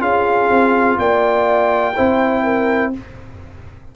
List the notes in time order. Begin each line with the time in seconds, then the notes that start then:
0.00 C#4 F4 G#4 F5
0.50 C4
0.98 A#3 D5 G5
1.96 C4 E4 C5
2.44 A#4